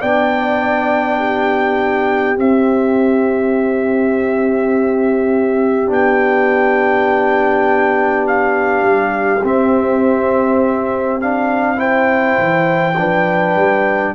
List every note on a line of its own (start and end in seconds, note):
0.00 2.37 B3
0.00 2.36 D4
0.00 1.18 D5
0.00 2.37 G5
1.18 11.77 G4
2.36 5.86 C4
2.36 5.90 C4
2.36 5.92 E5
5.86 8.82 B3
5.86 9.39 D4
5.86 8.27 G5
8.27 9.44 F5
8.82 9.41 G3
9.43 12.37 C4
9.43 11.20 C4
9.43 11.21 E5
11.20 11.76 D4
11.20 11.79 F5
11.76 12.93 E4
11.76 12.96 C5
11.76 14.14 G5
12.38 12.96 E3
12.96 13.55 F3
12.96 14.14 D4
12.96 14.14 B4
13.55 14.14 G3